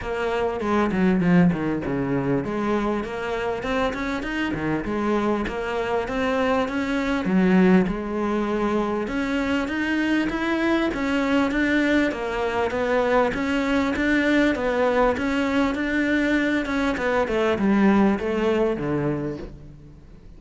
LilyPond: \new Staff \with { instrumentName = "cello" } { \time 4/4 \tempo 4 = 99 ais4 gis8 fis8 f8 dis8 cis4 | gis4 ais4 c'8 cis'8 dis'8 dis8 | gis4 ais4 c'4 cis'4 | fis4 gis2 cis'4 |
dis'4 e'4 cis'4 d'4 | ais4 b4 cis'4 d'4 | b4 cis'4 d'4. cis'8 | b8 a8 g4 a4 d4 | }